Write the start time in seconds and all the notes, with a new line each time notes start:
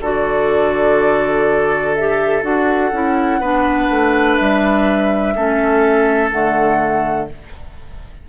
0.00 D3 F#4 A4 D5
1.94 G4 E5
2.42 D4 F#4 F#5
2.92 C#4 E4
3.40 B3 D4 B4
3.90 A3
4.36 G3 E5
5.35 A3 C#4 A4
6.31 D3 A3 F#5